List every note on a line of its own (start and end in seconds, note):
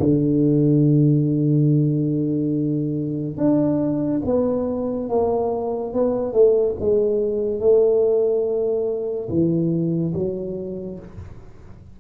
0.00 3.37 D3
3.37 4.22 D4
4.26 5.10 B3
5.10 5.94 A#3
5.94 6.33 B3
6.33 6.75 A3
6.80 7.60 G#3
7.60 9.29 A3
9.30 10.14 E3
10.14 10.99 F#3